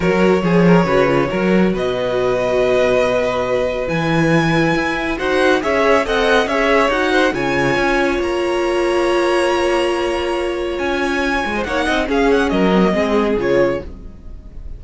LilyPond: <<
  \new Staff \with { instrumentName = "violin" } { \time 4/4 \tempo 4 = 139 cis''1 | dis''1~ | dis''4 gis''2. | fis''4 e''4 fis''4 e''4 |
fis''4 gis''2 ais''4~ | ais''1~ | ais''4 gis''2 fis''4 | f''8 fis''8 dis''2 cis''4 | }
  \new Staff \with { instrumentName = "violin" } { \time 4/4 ais'4 gis'8 ais'8 b'4 ais'4 | b'1~ | b'1 | c''4 cis''4 dis''4 cis''4~ |
cis''8 c''8 cis''2.~ | cis''1~ | cis''2~ cis''8. c''16 cis''8 dis''8 | gis'4 ais'4 gis'2 | }
  \new Staff \with { instrumentName = "viola" } { \time 4/4 fis'4 gis'4 fis'8 f'8 fis'4~ | fis'1~ | fis'4 e'2. | fis'4 gis'4 a'4 gis'4 |
fis'4 f'2.~ | f'1~ | f'2. dis'4 | cis'4. c'16 ais16 c'4 f'4 | }
  \new Staff \with { instrumentName = "cello" } { \time 4/4 fis4 f4 cis4 fis4 | b,1~ | b,4 e2 e'4 | dis'4 cis'4 c'4 cis'4 |
dis'4 cis4 cis'4 ais4~ | ais1~ | ais4 cis'4. gis8 ais8 c'8 | cis'4 fis4 gis4 cis4 | }
>>